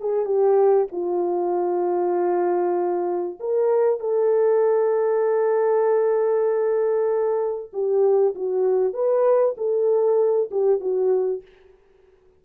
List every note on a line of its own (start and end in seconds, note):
0.00 0.25 G#4
0.25 0.87 G4
0.92 3.39 F4
3.40 4.00 A#4
4.00 7.71 A4
7.73 8.34 G4
8.35 8.94 F#4
8.94 9.55 B4
9.57 10.50 A4
10.51 10.80 G4
10.80 11.42 F#4